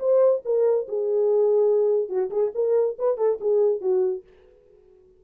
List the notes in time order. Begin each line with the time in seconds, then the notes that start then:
0.00 C5
0.45 A#4
0.89 G#4
2.09 F#4
2.31 G#4
2.55 A#4
2.99 B4
3.18 A4
3.41 G#4
3.81 F#4